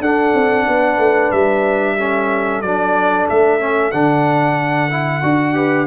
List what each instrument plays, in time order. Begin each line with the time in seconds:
0.00 tuba D4, trombone D4, horn A4, trumpet F#5
0.34 tuba C4
0.66 tuba B3, horn B4
0.98 tuba A3
1.31 tuba G3, trumpet E5
1.96 trombone C#4, horn A4
2.61 tuba F#3, trombone D4, trumpet D5
3.29 tuba A3, trumpet E5
3.59 trombone C#4
3.91 tuba D3, trombone D4, trumpet F#5
4.90 trombone E4
5.22 tuba D4, trombone F#4
5.54 trombone G4, horn B4